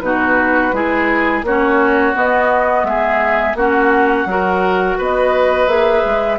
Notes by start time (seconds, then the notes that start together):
0.00 B2 D#4 F#4 B4
0.72 G#3 E4 G#4
1.43 A#3 C#4 F#4 C#5
2.14 B3 D#5
2.83 G#3 G#4 E5
3.55 A#3 C#4 F#4 F#5
4.25 F#3 F#4 A#4
4.98 B3 B4 D#5
5.67 A#3 G#4 E5
6.05 G#3